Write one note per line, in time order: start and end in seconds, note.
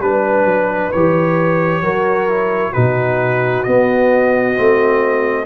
0.00 0.45 G3
0.00 0.93 D4
0.00 0.92 B4
0.00 1.83 B4
0.45 0.91 F#3
0.92 1.82 E3
0.92 1.84 G4
0.92 2.73 C#5
1.82 2.73 F#3
1.82 2.29 F#4
1.82 2.73 A#4
2.29 2.74 E4
2.73 3.67 B2
2.73 3.65 D#4
2.73 5.45 F#4
2.73 3.64 B4
3.64 4.55 B3
3.64 4.58 B3
3.64 5.46 D#5
4.55 5.46 A3
4.55 5.46 C4